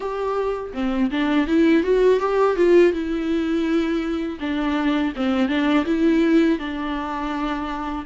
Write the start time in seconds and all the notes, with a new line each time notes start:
0.00 G4
0.73 C4
1.10 D4
1.47 E4
1.83 F#4
2.20 G4
2.56 F4
2.92 E4
4.40 D4
5.16 C4
5.48 D4
5.85 E4
6.59 D4